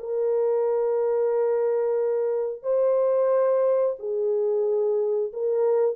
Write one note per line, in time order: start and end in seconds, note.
0.00 2.63 A#4
2.63 3.96 C5
3.99 5.32 G#4
5.33 5.96 A#4